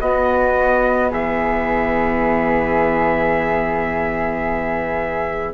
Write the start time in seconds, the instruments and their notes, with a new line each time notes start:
0.00 bassoon B3, viola B3, flute F#4, trumpet D#5
1.10 bassoon E3, flute G#4, trumpet E5